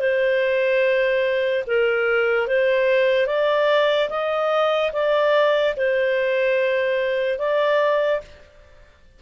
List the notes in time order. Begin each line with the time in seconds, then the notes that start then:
0.00 C5
1.67 A#4
2.47 C5
3.27 D5
4.09 D#5
4.92 D5
5.77 C5
7.39 D5